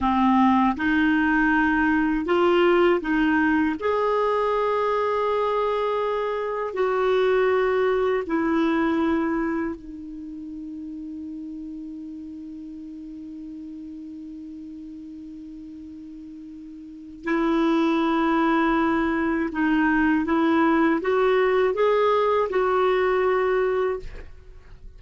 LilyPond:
\new Staff \with { instrumentName = "clarinet" } { \time 4/4 \tempo 4 = 80 c'4 dis'2 f'4 | dis'4 gis'2.~ | gis'4 fis'2 e'4~ | e'4 dis'2.~ |
dis'1~ | dis'2. e'4~ | e'2 dis'4 e'4 | fis'4 gis'4 fis'2 | }